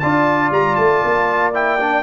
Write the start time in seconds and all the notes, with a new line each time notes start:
0.00 D4 F4 D5 A5
0.51 G3 A#5
0.76 A3 A5
1.05 A#3
1.54 E4 G5
1.80 D4